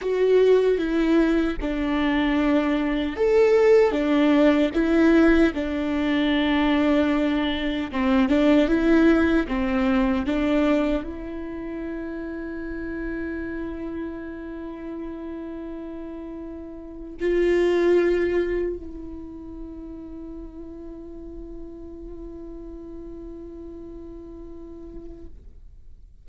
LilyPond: \new Staff \with { instrumentName = "viola" } { \time 4/4 \tempo 4 = 76 fis'4 e'4 d'2 | a'4 d'4 e'4 d'4~ | d'2 c'8 d'8 e'4 | c'4 d'4 e'2~ |
e'1~ | e'4.~ e'16 f'2 e'16~ | e'1~ | e'1 | }